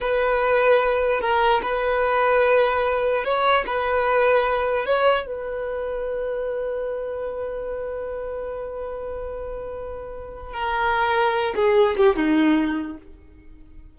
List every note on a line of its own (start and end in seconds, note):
0.00 1.20 B4
1.20 1.61 A#4
1.62 3.24 B4
3.24 3.64 C#5
3.66 4.85 B4
4.85 5.26 C#5
5.26 10.53 B4
10.53 11.54 A#4
11.55 11.96 G#4
11.96 12.16 G4
12.16 12.97 D#4